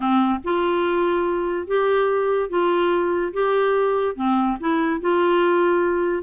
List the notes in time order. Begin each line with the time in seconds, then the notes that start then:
0.00 C4
0.44 F4
1.67 G4
2.49 F4
3.33 G4
4.15 C4
4.59 E4
5.01 F4